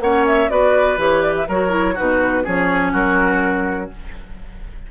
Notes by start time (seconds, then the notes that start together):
0.00 A#3 C#4 C#5 F#5
0.26 E5
0.50 B3 F#4 B4 D5
0.98 E3 G4 C#5
1.22 D5
1.36 E5
1.48 F#3 F#4 A#4 C#5
1.70 E4
1.95 B2 D#4 F#4 B4
2.44 F3 C#4 G#4 C#5
2.93 F#3 F#4 A#4